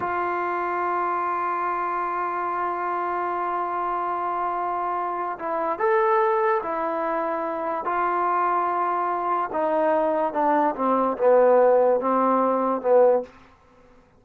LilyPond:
\new Staff \with { instrumentName = "trombone" } { \time 4/4 \tempo 4 = 145 f'1~ | f'1~ | f'1~ | f'4 e'4 a'2 |
e'2. f'4~ | f'2. dis'4~ | dis'4 d'4 c'4 b4~ | b4 c'2 b4 | }